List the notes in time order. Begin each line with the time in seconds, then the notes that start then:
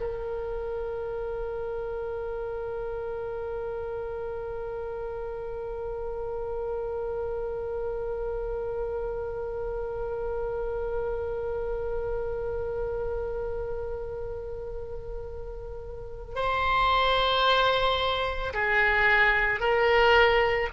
0.00 A#4
16.35 C5
18.53 G#4
19.59 A#4